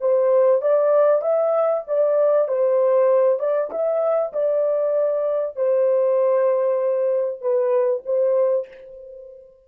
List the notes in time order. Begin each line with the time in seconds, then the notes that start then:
0.00 C5
0.61 D5
1.21 E5
1.87 D5
2.48 C5
3.39 D5
3.70 E5
4.32 D5
5.56 C5
7.41 B4
8.05 C5